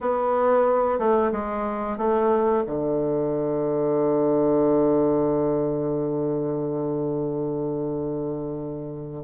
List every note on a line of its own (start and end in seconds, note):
0.00 0.98 B3
0.98 1.31 A3
1.32 1.97 G#3
1.97 2.63 A3
2.66 9.24 D3